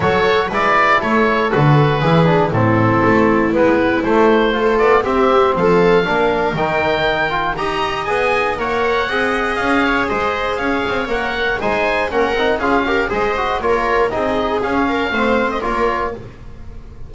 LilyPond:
<<
  \new Staff \with { instrumentName = "oboe" } { \time 4/4 \tempo 4 = 119 cis''4 d''4 cis''4 b'4~ | b'4 a'2 b'4 | c''4. d''8 e''4 f''4~ | f''4 g''2 ais''4 |
gis''4 fis''2 f''4 | dis''4 f''4 fis''4 gis''4 | fis''4 f''4 dis''4 cis''4 | dis''4 f''4.~ f''16 dis''16 cis''4 | }
  \new Staff \with { instrumentName = "viola" } { \time 4/4 a'4 b'4 a'2 | gis'4 e'2.~ | e'4 a'4 g'4 a'4 | ais'2. dis''4~ |
dis''4 cis''4 dis''4. cis''8 | c''4 cis''2 c''4 | ais'4 gis'8 ais'8 c''4 ais'4 | gis'4. ais'8 c''4 ais'4 | }
  \new Staff \with { instrumentName = "trombone" } { \time 4/4 fis'4 e'2 fis'4 | e'8 d'8 c'2 b4 | a4 f'4 c'2 | d'4 dis'4. f'8 g'4 |
gis'4 ais'4 gis'2~ | gis'2 ais'4 dis'4 | cis'8 dis'8 f'8 g'8 gis'8 fis'8 f'4 | dis'4 cis'4 c'4 f'4 | }
  \new Staff \with { instrumentName = "double bass" } { \time 4/4 fis4 gis4 a4 d4 | e4 a,4 a4 gis4 | a4. b8 c'4 f4 | ais4 dis2 dis'4 |
b4 ais4 c'4 cis'4 | gis4 cis'8 c'8 ais4 gis4 | ais8 c'8 cis'4 gis4 ais4 | c'4 cis'4 a4 ais4 | }
>>